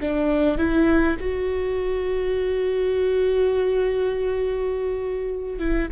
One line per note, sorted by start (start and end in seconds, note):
0.00 0.58 D4
0.58 1.17 E4
1.20 5.58 F#4
5.58 5.88 E4